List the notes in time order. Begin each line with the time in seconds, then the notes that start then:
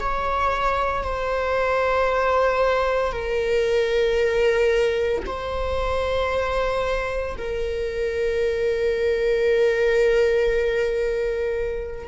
0.00 C#5
1.03 C5
3.12 A#4
5.26 C5
7.38 A#4